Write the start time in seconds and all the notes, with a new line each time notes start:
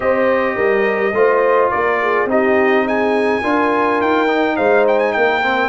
0.00 C4 G4 C5 D#5
0.55 G3 A#4
1.13 A3 F4 C5
1.70 A#3 A#4 D5
2.01 G#4
2.25 C4 D#4 G4 D#5
2.85 G#4 G#5
3.42 D4 F4 A#4
4.00 D#4 G5
4.27 D#4
4.56 G#3 C5 F5
4.87 G5
4.98 G#5
5.12 A#3 A#4 G5
5.42 C4